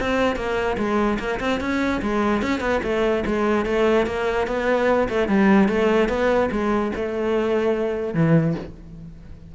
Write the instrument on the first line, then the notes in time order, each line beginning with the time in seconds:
cello
0.00 C4
0.36 A#3
0.78 G#3
1.19 A#3
1.40 C4
1.60 C#4
2.02 G#3
2.42 C#4
2.60 B3
2.83 A3
3.26 G#3
3.66 A3
4.06 A#3
4.47 B3
5.09 A3
5.28 G3
5.68 A3
6.09 B3
6.51 G#3
6.95 A3
8.14 E3